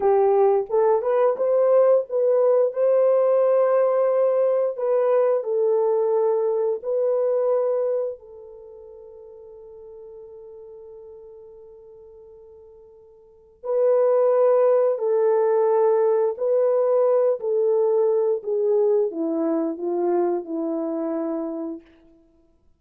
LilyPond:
\new Staff \with { instrumentName = "horn" } { \time 4/4 \tempo 4 = 88 g'4 a'8 b'8 c''4 b'4 | c''2. b'4 | a'2 b'2 | a'1~ |
a'1 | b'2 a'2 | b'4. a'4. gis'4 | e'4 f'4 e'2 | }